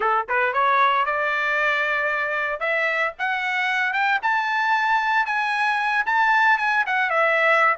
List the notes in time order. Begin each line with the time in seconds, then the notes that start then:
0.00 A4
0.28 B4
0.53 C#5
1.05 D5
2.60 E5
3.18 F#5
3.93 G5
4.22 A5
5.26 G#5
6.06 A5
6.58 G#5
6.86 F#5
7.10 E5